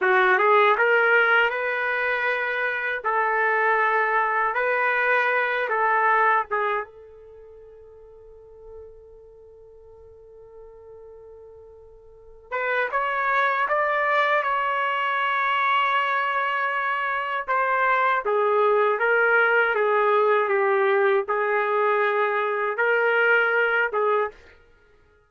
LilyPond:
\new Staff \with { instrumentName = "trumpet" } { \time 4/4 \tempo 4 = 79 fis'8 gis'8 ais'4 b'2 | a'2 b'4. a'8~ | a'8 gis'8 a'2.~ | a'1~ |
a'8 b'8 cis''4 d''4 cis''4~ | cis''2. c''4 | gis'4 ais'4 gis'4 g'4 | gis'2 ais'4. gis'8 | }